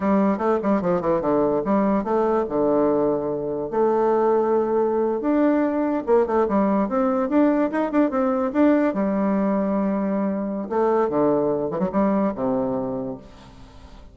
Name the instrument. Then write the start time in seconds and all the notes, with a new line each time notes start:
bassoon
0.00 G3
0.38 A3
0.62 G3
0.81 F3
1.01 E3
1.21 D3
1.64 G3
2.03 A3
2.48 D3
3.70 A3
5.21 D4
6.06 A#3
6.26 A3
6.48 G3
6.88 C4
7.29 D4
7.71 D#4
7.91 D4
8.10 C4
8.53 D4
8.94 G3
10.69 A3
11.09 D3
11.70 E3
11.79 F#3
11.92 G3
12.35 C3